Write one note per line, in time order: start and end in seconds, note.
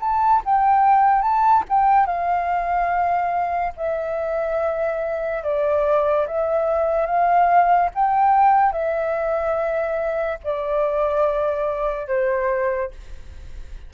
0.00 0.42 A5
0.45 1.22 G5
1.22 1.63 A5
1.69 2.06 G5
2.06 3.73 F5
3.77 5.43 E5
5.43 6.27 D5
6.27 7.06 E5
7.06 7.89 F5
7.95 8.72 G5
8.72 10.39 E5
10.44 12.08 D5
12.08 12.91 C5